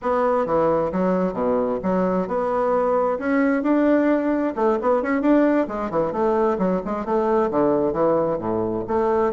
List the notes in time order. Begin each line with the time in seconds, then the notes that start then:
0.02 B3
0.46 E3
0.92 F#3
1.33 B2
1.82 F#3
2.27 B3
3.19 C#4
3.63 D4
4.55 A3
4.81 B3
5.02 C#4
5.21 D4
5.67 G#3
5.90 E3
6.12 A3
6.58 F#3
6.85 G#3
7.05 A3
7.51 D3
7.92 E3
8.38 A2
8.87 A3